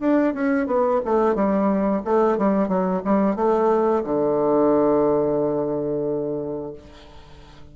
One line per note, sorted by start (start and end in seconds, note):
0.00 0.34 D4
0.34 0.67 C#4
0.67 1.01 B3
1.05 1.35 A3
1.35 2.03 G3
2.05 2.38 A3
2.38 2.68 G3
2.68 3.02 F#3
3.05 3.36 G3
3.36 4.03 A3
4.04 6.74 D3